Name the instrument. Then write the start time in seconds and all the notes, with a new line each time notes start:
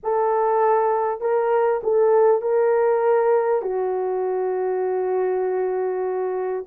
horn
0.03 A4
1.20 A#4
1.83 A4
2.41 A#4
3.62 F#4